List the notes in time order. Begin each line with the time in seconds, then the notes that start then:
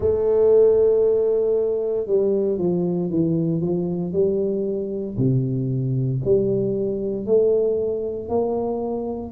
0.00 A3
2.06 G3
2.58 F3
3.09 E3
3.61 F3
4.12 G3
5.17 C3
6.24 G3
7.26 A3
8.28 A#3